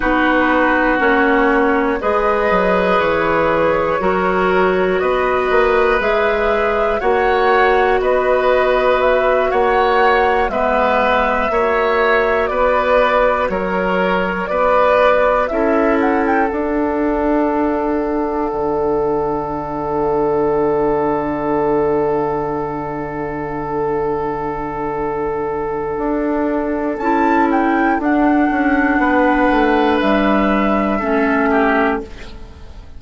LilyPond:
<<
  \new Staff \with { instrumentName = "flute" } { \time 4/4 \tempo 4 = 60 b'4 cis''4 dis''4 cis''4~ | cis''4 dis''4 e''4 fis''4 | dis''4 e''8 fis''4 e''4.~ | e''8 d''4 cis''4 d''4 e''8 |
fis''16 g''16 fis''2.~ fis''8~ | fis''1~ | fis''2. a''8 g''8 | fis''2 e''2 | }
  \new Staff \with { instrumentName = "oboe" } { \time 4/4 fis'2 b'2 | ais'4 b'2 cis''4 | b'4. cis''4 b'4 cis''8~ | cis''8 b'4 ais'4 b'4 a'8~ |
a'1~ | a'1~ | a'1~ | a'4 b'2 a'8 g'8 | }
  \new Staff \with { instrumentName = "clarinet" } { \time 4/4 dis'4 cis'4 gis'2 | fis'2 gis'4 fis'4~ | fis'2~ fis'8 b4 fis'8~ | fis'2.~ fis'8 e'8~ |
e'8 d'2.~ d'8~ | d'1~ | d'2. e'4 | d'2. cis'4 | }
  \new Staff \with { instrumentName = "bassoon" } { \time 4/4 b4 ais4 gis8 fis8 e4 | fis4 b8 ais8 gis4 ais4 | b4. ais4 gis4 ais8~ | ais8 b4 fis4 b4 cis'8~ |
cis'8 d'2 d4.~ | d1~ | d2 d'4 cis'4 | d'8 cis'8 b8 a8 g4 a4 | }
>>